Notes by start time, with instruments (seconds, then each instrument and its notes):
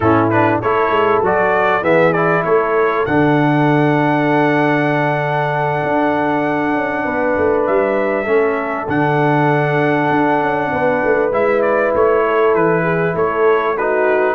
0.00 tuba A2, trombone C#4, horn E4, trumpet A4
0.30 trombone D4, trumpet B4
0.60 tuba A3, trombone E4, horn A4, trumpet C#5
0.89 tuba G#3
1.22 tuba F#3, trombone F#4, trumpet D5
1.82 tuba E3, trombone B3, horn G#4, trumpet E5
2.12 trombone E4, trumpet D5
2.44 tuba A3, horn A4, trumpet C#5
3.05 tuba D3, trombone D4, trumpet F#5
5.83 tuba D4
6.74 tuba C#4
7.04 tuba B3, horn B4
7.36 tuba A3
7.66 tuba G3, trumpet E5
8.24 tuba A3, trombone C#4, horn A4
8.88 tuba D3, trombone D4, trumpet F#5
10.10 tuba D4
10.41 tuba C#4
10.72 tuba B3, horn B4
11.04 tuba A3
11.31 tuba G#3, trombone E4, trumpet E5
11.61 trumpet D5
11.94 tuba A3, trumpet C#5
12.26 horn A4
12.54 tuba E3, trumpet B4
12.83 horn G#4
13.14 tuba A3, horn A4, trumpet C#5
13.77 trombone D#4, horn F#4, trumpet B4